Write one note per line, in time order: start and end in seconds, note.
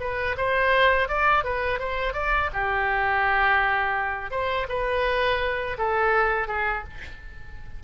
0.00 0.36 B4
0.37 1.09 C5
1.09 1.44 D5
1.44 1.79 B4
1.79 2.14 C5
2.14 2.50 D5
2.53 4.31 G4
4.31 4.67 C5
4.69 5.77 B4
5.78 6.48 A4
6.48 6.84 G#4